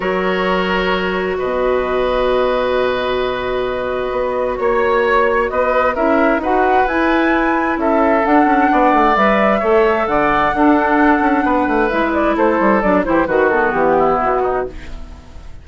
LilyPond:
<<
  \new Staff \with { instrumentName = "flute" } { \time 4/4 \tempo 4 = 131 cis''2. dis''4~ | dis''1~ | dis''2 cis''2 | dis''4 e''4 fis''4 gis''4~ |
gis''4 e''4 fis''2 | e''2 fis''2~ | fis''2 e''8 d''8 c''4 | d''8 c''8 b'8 a'8 g'4 fis'4 | }
  \new Staff \with { instrumentName = "oboe" } { \time 4/4 ais'2. b'4~ | b'1~ | b'2 cis''2 | b'4 ais'4 b'2~ |
b'4 a'2 d''4~ | d''4 cis''4 d''4 a'4~ | a'4 b'2 a'4~ | a'8 g'8 fis'4. e'4 dis'8 | }
  \new Staff \with { instrumentName = "clarinet" } { \time 4/4 fis'1~ | fis'1~ | fis'1~ | fis'4 e'4 fis'4 e'4~ |
e'2 d'2 | b'4 a'2 d'4~ | d'2 e'2 | d'8 e'8 fis'8 b2~ b8 | }
  \new Staff \with { instrumentName = "bassoon" } { \time 4/4 fis2. b,4~ | b,1~ | b,4 b4 ais2 | b4 cis'4 dis'4 e'4~ |
e'4 cis'4 d'8 cis'8 b8 a8 | g4 a4 d4 d'4~ | d'8 cis'8 b8 a8 gis4 a8 g8 | fis8 e8 dis4 e4 b,4 | }
>>